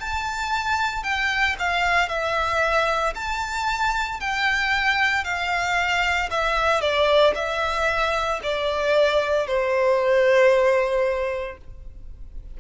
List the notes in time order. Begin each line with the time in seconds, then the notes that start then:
0.00 A5
1.03 G5
1.59 F5
2.09 E5
3.15 A5
4.21 G5
5.24 F5
6.31 E5
6.81 D5
7.35 E5
8.43 D5
9.47 C5